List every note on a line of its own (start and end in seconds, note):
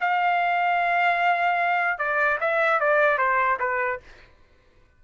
0.00 1.98 F5
1.98 2.38 D5
2.40 2.80 E5
2.80 3.18 D5
3.18 3.58 C5
3.59 4.00 B4